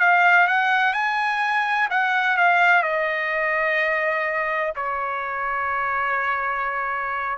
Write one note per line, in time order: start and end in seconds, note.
0.00 0.48 F5
0.48 0.94 F#5
0.94 1.89 G#5
1.90 2.37 F#5
2.37 2.83 F5
2.83 4.73 D#5
4.76 7.38 C#5